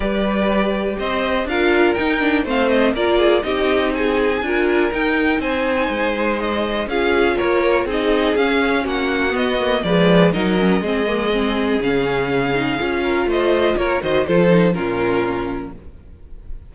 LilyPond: <<
  \new Staff \with { instrumentName = "violin" } { \time 4/4 \tempo 4 = 122 d''2 dis''4 f''4 | g''4 f''8 dis''8 d''4 dis''4 | gis''2 g''4 gis''4~ | gis''4 dis''4 f''4 cis''4 |
dis''4 f''4 fis''4 dis''4 | d''4 dis''2. | f''2. dis''4 | cis''8 dis''8 c''4 ais'2 | }
  \new Staff \with { instrumentName = "violin" } { \time 4/4 b'2 c''4 ais'4~ | ais'4 c''4 ais'8 gis'8 g'4 | gis'4 ais'2 c''4~ | c''2 gis'4 ais'4 |
gis'2 fis'2 | b'4 ais'4 gis'2~ | gis'2~ gis'8 ais'8 c''4 | ais'8 c''8 a'4 f'2 | }
  \new Staff \with { instrumentName = "viola" } { \time 4/4 g'2. f'4 | dis'8 d'8 c'4 f'4 dis'4~ | dis'4 f'4 dis'2~ | dis'2 f'2 |
dis'4 cis'2 b8 ais8 | gis4 dis'8 cis'8 c'8 ais8 c'4 | cis'4. dis'8 f'2~ | f'8 fis'8 f'8 dis'8 cis'2 | }
  \new Staff \with { instrumentName = "cello" } { \time 4/4 g2 c'4 d'4 | dis'4 a4 ais4 c'4~ | c'4 d'4 dis'4 c'4 | gis2 cis'4 ais4 |
c'4 cis'4 ais4 b4 | f4 fis4 gis2 | cis2 cis'4 a4 | ais8 dis8 f4 ais,2 | }
>>